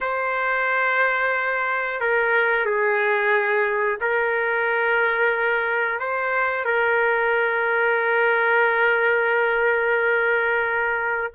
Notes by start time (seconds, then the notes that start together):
0.01 C5
2.00 A#4
2.65 G#4
4.00 A#4
5.99 C5
6.65 A#4